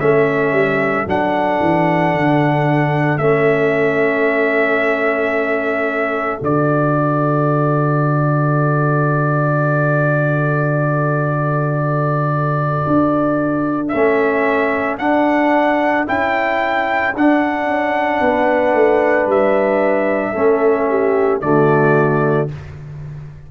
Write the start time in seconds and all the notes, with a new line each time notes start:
0.00 A3 C#4 A4 E5
0.52 G3
1.06 F#3 D4 F#5
1.60 E3
2.14 D3
3.18 A3 C#4 E5
6.41 D3 F#4 D5
12.87 D4
13.89 A3 C#4 E5
14.99 D4 F#5
16.07 C#4 E4 G5
17.15 D4 F#5
17.67 C#4
18.21 B3 B4
18.74 A3
19.27 G3 E5
20.33 A3 C#4 A4
20.90 G4
21.41 D3 A3 F#4 D5